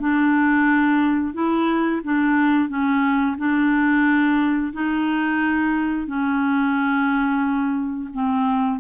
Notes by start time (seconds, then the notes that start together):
0.00 D4
1.34 E4
2.04 D4
2.69 C#4
3.38 D4
4.73 D#4
6.07 C#4
8.14 C4